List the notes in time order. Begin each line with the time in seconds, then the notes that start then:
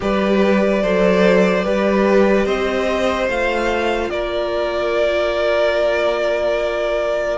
0.00 G3 G4 B4 D5
0.82 F#3 A4 C5
1.64 G3 G4 B4
2.46 C4 C5 D#5
3.28 A3 F4 F5
4.10 A#3 A#4 D5